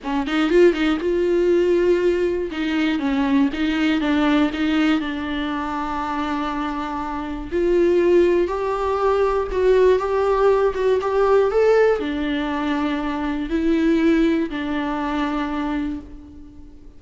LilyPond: \new Staff \with { instrumentName = "viola" } { \time 4/4 \tempo 4 = 120 cis'8 dis'8 f'8 dis'8 f'2~ | f'4 dis'4 cis'4 dis'4 | d'4 dis'4 d'2~ | d'2. f'4~ |
f'4 g'2 fis'4 | g'4. fis'8 g'4 a'4 | d'2. e'4~ | e'4 d'2. | }